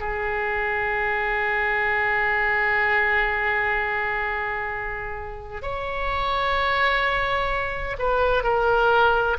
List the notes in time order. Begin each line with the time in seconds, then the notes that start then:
0.00 G#4
5.62 C#5
7.99 B4
8.44 A#4